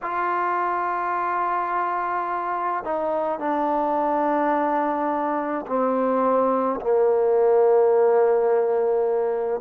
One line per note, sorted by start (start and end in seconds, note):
0.02 2.84 F4
2.84 3.39 D#4
3.39 5.66 D4
5.67 6.80 C4
6.80 9.60 A#3